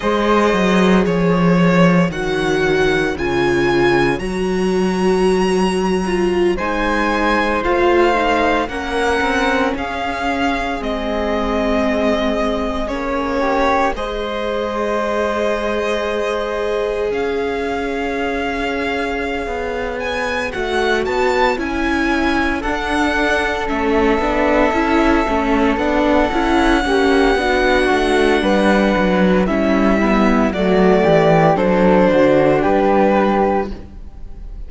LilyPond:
<<
  \new Staff \with { instrumentName = "violin" } { \time 4/4 \tempo 4 = 57 dis''4 cis''4 fis''4 gis''4 | ais''2~ ais''16 gis''4 f''8.~ | f''16 fis''4 f''4 dis''4.~ dis''16~ | dis''16 cis''4 dis''2~ dis''8.~ |
dis''16 f''2~ f''8. gis''8 fis''8 | a''8 gis''4 fis''4 e''4.~ | e''8 fis''2.~ fis''8 | e''4 d''4 c''4 b'4 | }
  \new Staff \with { instrumentName = "flute" } { \time 4/4 c''4 cis''2.~ | cis''2~ cis''16 c''4.~ c''16~ | c''16 ais'4 gis'2~ gis'8.~ | gis'8. g'8 c''2~ c''8.~ |
c''16 cis''2.~ cis''8.~ | cis''4. a'2~ a'8~ | a'4. g'8 fis'4 b'4 | e'4 fis'8 g'8 a'8 fis'8 g'4 | }
  \new Staff \with { instrumentName = "viola" } { \time 4/4 gis'2 fis'4 f'4 | fis'4.~ fis'16 f'8 dis'4 f'8 dis'16~ | dis'16 cis'2 c'4.~ c'16~ | c'16 cis'4 gis'2~ gis'8.~ |
gis'2.~ gis'8 fis'8~ | fis'8 e'4 d'4 cis'8 d'8 e'8 | cis'8 d'8 e'8 cis'8 d'2 | cis'8 b8 a4 d'2 | }
  \new Staff \with { instrumentName = "cello" } { \time 4/4 gis8 fis8 f4 dis4 cis4 | fis2~ fis16 gis4 a8.~ | a16 ais8 c'8 cis'4 gis4.~ gis16~ | gis16 ais4 gis2~ gis8.~ |
gis16 cis'2~ cis'16 b4 a8 | b8 cis'4 d'4 a8 b8 cis'8 | a8 b8 cis'8 ais8 b8 a8 g8 fis8 | g4 fis8 e8 fis8 d8 g4 | }
>>